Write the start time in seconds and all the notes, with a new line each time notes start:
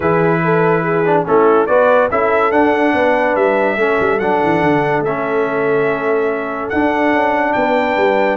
0.00 E3 E4 G#4 B4
0.44 A4
0.82 G#4
1.05 D4
1.26 A3 C#4 E4 A4
1.66 B3 F#4 B4 D5
2.09 C#4 E4 A4 E5
2.51 D4 F#5
2.93 B3 B4
3.35 G3 E5
3.76 A3 C#4 A4
4.00 G3
4.19 F#3 D4 F#5
4.43 E3
4.62 D3
5.00 A3 E5
5.07 C#4
6.69 D4 F#5
7.12 C#4
7.53 B3 B4 G5
7.96 G3